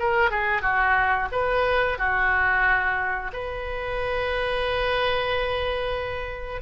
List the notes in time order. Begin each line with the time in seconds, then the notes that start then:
0.00 A#4
0.31 G#4
0.62 F#4
1.32 B4
1.98 F#4
3.34 B4